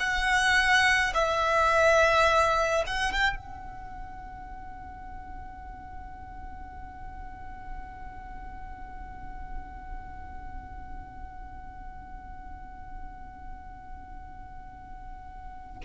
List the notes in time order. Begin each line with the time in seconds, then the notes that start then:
0.00 F#5
1.14 E5
2.86 F#5
3.12 G5
3.36 F#5